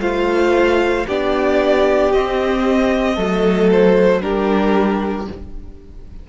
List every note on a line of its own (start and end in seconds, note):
0.00 1.05 A3
0.00 1.06 F4
0.00 1.06 C5
0.00 1.06 F5
1.06 2.13 B3
1.06 2.13 D4
1.06 3.15 G4
1.06 2.12 D5
2.12 3.18 C4
2.12 3.17 C4
2.12 3.70 D#5
3.15 4.22 F#3
3.15 4.21 A3
3.15 4.21 A4
3.71 4.22 C5
4.21 5.28 G3
4.21 5.27 D4
4.21 5.29 G4
4.21 5.27 A#4